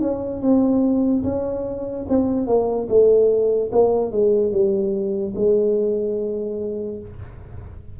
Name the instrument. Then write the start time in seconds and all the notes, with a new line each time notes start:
tuba
0.00 C#4
0.41 C4
1.23 C#4
2.08 C4
2.47 A#3
2.88 A3
3.72 A#3
4.11 G#3
4.52 G3
5.35 G#3